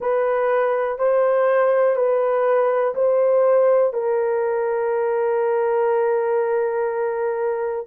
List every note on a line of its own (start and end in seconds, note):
0.00 0.98 B4
0.98 1.95 C5
1.95 2.94 B4
2.94 3.93 C5
3.93 7.86 A#4